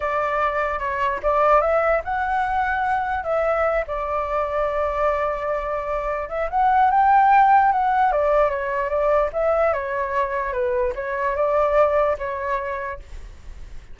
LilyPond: \new Staff \with { instrumentName = "flute" } { \time 4/4 \tempo 4 = 148 d''2 cis''4 d''4 | e''4 fis''2. | e''4. d''2~ d''8~ | d''2.~ d''8 e''8 |
fis''4 g''2 fis''4 | d''4 cis''4 d''4 e''4 | cis''2 b'4 cis''4 | d''2 cis''2 | }